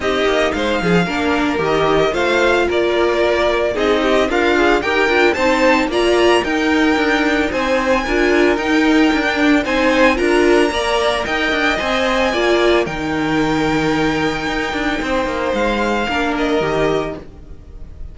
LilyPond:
<<
  \new Staff \with { instrumentName = "violin" } { \time 4/4 \tempo 4 = 112 dis''4 f''2 dis''4 | f''4 d''2 dis''4 | f''4 g''4 a''4 ais''4 | g''2 gis''2 |
g''2 gis''4 ais''4~ | ais''4 g''4 gis''2 | g''1~ | g''4 f''4. dis''4. | }
  \new Staff \with { instrumentName = "violin" } { \time 4/4 g'4 c''8 gis'8 ais'2 | c''4 ais'2 gis'8 g'8 | f'4 ais'4 c''4 d''4 | ais'2 c''4 ais'4~ |
ais'2 c''4 ais'4 | d''4 dis''2 d''4 | ais'1 | c''2 ais'2 | }
  \new Staff \with { instrumentName = "viola" } { \time 4/4 dis'2 d'4 g'4 | f'2. dis'4 | ais'8 gis'8 g'8 f'8 dis'4 f'4 | dis'2. f'4 |
dis'4~ dis'16 d'8. dis'4 f'4 | ais'2 c''4 f'4 | dis'1~ | dis'2 d'4 g'4 | }
  \new Staff \with { instrumentName = "cello" } { \time 4/4 c'8 ais8 gis8 f8 ais4 dis4 | a4 ais2 c'4 | d'4 dis'8 d'8 c'4 ais4 | dis'4 d'4 c'4 d'4 |
dis'4 d'4 c'4 d'4 | ais4 dis'8 d'8 c'4 ais4 | dis2. dis'8 d'8 | c'8 ais8 gis4 ais4 dis4 | }
>>